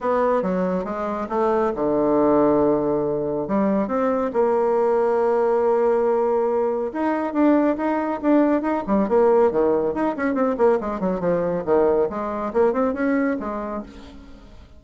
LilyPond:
\new Staff \with { instrumentName = "bassoon" } { \time 4/4 \tempo 4 = 139 b4 fis4 gis4 a4 | d1 | g4 c'4 ais2~ | ais1 |
dis'4 d'4 dis'4 d'4 | dis'8 g8 ais4 dis4 dis'8 cis'8 | c'8 ais8 gis8 fis8 f4 dis4 | gis4 ais8 c'8 cis'4 gis4 | }